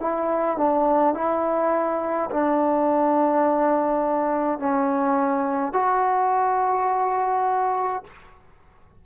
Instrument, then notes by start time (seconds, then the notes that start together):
trombone
0.00 E4
0.57 D4
1.14 E4
2.30 D4
4.59 C#4
5.73 F#4